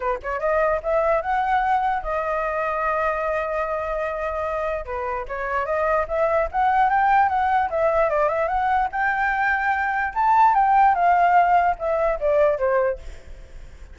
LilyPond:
\new Staff \with { instrumentName = "flute" } { \time 4/4 \tempo 4 = 148 b'8 cis''8 dis''4 e''4 fis''4~ | fis''4 dis''2.~ | dis''1 | b'4 cis''4 dis''4 e''4 |
fis''4 g''4 fis''4 e''4 | d''8 e''8 fis''4 g''2~ | g''4 a''4 g''4 f''4~ | f''4 e''4 d''4 c''4 | }